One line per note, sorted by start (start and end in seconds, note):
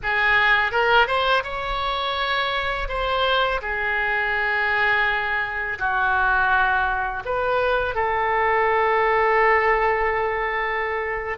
0.02 0.71 G#4
0.71 1.06 A#4
1.06 1.43 C5
1.43 2.88 C#5
2.88 3.60 C5
3.61 5.78 G#4
5.78 7.23 F#4
7.25 7.94 B4
7.94 11.38 A4